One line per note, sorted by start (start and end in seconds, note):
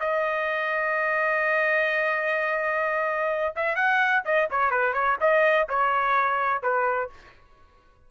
0.00 3.54 D#5
3.56 3.75 E5
3.75 4.23 F#5
4.25 4.49 D#5
4.51 4.71 C#5
4.71 4.94 B4
4.94 5.17 C#5
5.21 5.68 D#5
5.69 6.62 C#5
6.62 7.10 B4